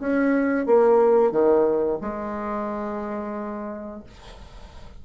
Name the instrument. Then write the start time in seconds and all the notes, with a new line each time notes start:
bassoon
0.00 C#4
0.66 A#3
1.32 D#3
2.01 G#3